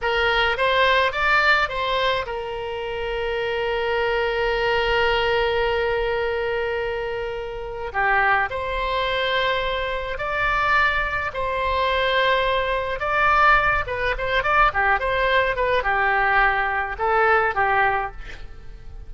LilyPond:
\new Staff \with { instrumentName = "oboe" } { \time 4/4 \tempo 4 = 106 ais'4 c''4 d''4 c''4 | ais'1~ | ais'1~ | ais'2 g'4 c''4~ |
c''2 d''2 | c''2. d''4~ | d''8 b'8 c''8 d''8 g'8 c''4 b'8 | g'2 a'4 g'4 | }